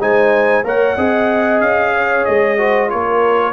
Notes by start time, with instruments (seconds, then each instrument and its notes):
0.00 tuba G#3, trombone D#4, horn C5, trumpet G#5
0.64 tuba A#3, trombone A#4, horn C#5, trumpet F#5
0.96 tuba C4, trombone G#4, horn D#5
1.60 tuba C#4, trumpet F5
1.94 horn C#5
2.25 tuba G#3, trumpet D#5
2.57 trombone F#4, horn C5
2.88 tuba A#3, trombone F4, horn A#4, trumpet C#5